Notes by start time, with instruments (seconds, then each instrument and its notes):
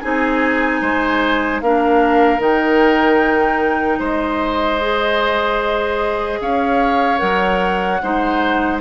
0.00 bassoon C4, clarinet D#4, oboe G#4, flute G#5
0.81 bassoon G#3, oboe C5
1.61 bassoon A#3, clarinet D4, oboe A#4, flute F5
2.39 bassoon D#3, clarinet D#4, flute G5
3.99 bassoon G#3, oboe C5, flute D#5
4.81 clarinet G#4
6.41 bassoon C#4, oboe C#5, flute F5
7.18 bassoon F#3, clarinet A#4, flute F#5
8.03 bassoon G#3, clarinet D#4, oboe C5